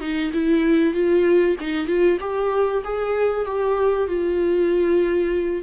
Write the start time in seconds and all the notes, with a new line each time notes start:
0.00 D#4
0.33 E4
0.93 F4
1.60 D#4
1.87 F4
2.20 G4
2.84 G#4
3.45 G4
4.07 F4